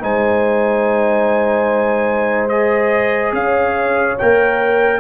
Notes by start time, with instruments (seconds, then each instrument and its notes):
0.00 tuba G#3, trombone D#4, horn C5, trumpet G#5
2.49 trombone G#4, trumpet D#5
3.32 tuba C#4, horn C#5, trumpet F5
4.18 tuba A#3, trombone A#4, trumpet G5